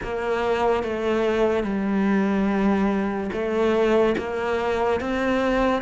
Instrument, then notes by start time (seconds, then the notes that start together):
cello
0.03 A#3
0.83 A3
1.63 G3
3.32 A3
4.17 A#3
5.00 C4